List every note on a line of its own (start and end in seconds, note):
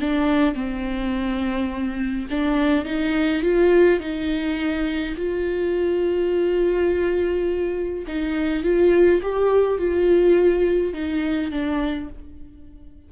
0.00 0.54 D4
0.54 2.27 C4
2.30 2.85 D4
2.85 3.42 D#4
3.42 3.99 F4
3.99 5.15 D#4
5.16 8.05 F4
8.07 8.63 D#4
8.63 9.21 F4
9.22 9.78 G4
9.78 10.93 F4
10.93 11.50 D#4
11.51 12.08 D4